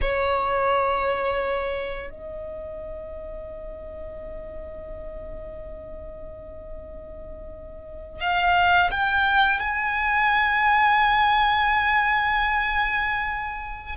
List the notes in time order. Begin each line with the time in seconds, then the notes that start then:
0.01 C#5
2.10 D#5
8.20 F5
8.90 G5
9.59 G#5